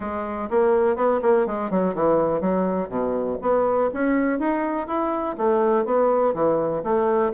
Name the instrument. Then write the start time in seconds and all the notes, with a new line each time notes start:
bassoon
0.00 G#3
0.49 A#3
0.95 B3
1.22 A#3
1.46 G#3
1.70 F#3
1.94 E3
2.41 F#3
2.88 B2
3.41 B3
3.93 C#4
4.39 D#4
4.87 E4
5.37 A3
5.85 B3
6.33 E3
6.83 A3